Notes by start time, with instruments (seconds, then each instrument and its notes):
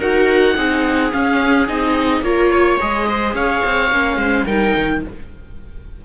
0.00 cello D#4, viola F#4 A#4, oboe F#5
0.56 cello C4, viola D#4 G#4
1.12 viola C#4, cello C#4, oboe F5
1.68 cello C4, viola D#4, oboe D#5
2.22 cello A#3, viola F4 A#4, oboe C#5
2.51 viola C#5
2.80 cello G#3, viola G#4, oboe D#5
3.09 viola C5
3.34 cello C#4, viola C#5, oboe F5
3.65 cello C4
3.92 cello A#3, viola C#4
4.17 cello G#3, viola C5
4.46 cello G3, viola D#4 A#4, oboe G5
4.77 cello D#3